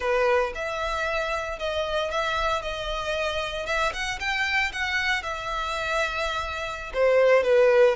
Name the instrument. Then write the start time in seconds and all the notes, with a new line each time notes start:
violin
0.00 B4
0.54 E5
1.58 D#5
2.10 E5
2.62 D#5
3.66 E5
3.93 F#5
4.19 G5
4.72 F#5
5.22 E5
6.93 C5
7.43 B4